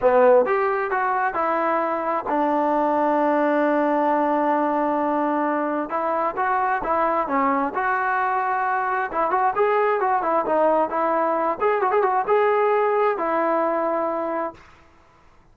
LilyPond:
\new Staff \with { instrumentName = "trombone" } { \time 4/4 \tempo 4 = 132 b4 g'4 fis'4 e'4~ | e'4 d'2.~ | d'1~ | d'4 e'4 fis'4 e'4 |
cis'4 fis'2. | e'8 fis'8 gis'4 fis'8 e'8 dis'4 | e'4. gis'8 fis'16 gis'16 fis'8 gis'4~ | gis'4 e'2. | }